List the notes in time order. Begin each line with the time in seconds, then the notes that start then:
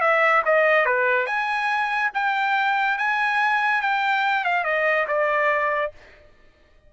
0.00 E5
0.45 D#5
0.85 B4
1.26 G#5
2.14 G5
2.98 G#5
3.81 G5
4.44 F5
4.64 D#5
5.07 D5